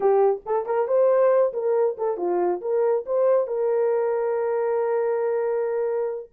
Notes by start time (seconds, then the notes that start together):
0.00 G4
0.45 A4
0.65 A#4
0.87 C5
1.53 A#4
1.97 A4
2.17 F4
2.61 A#4
3.06 C5
3.47 A#4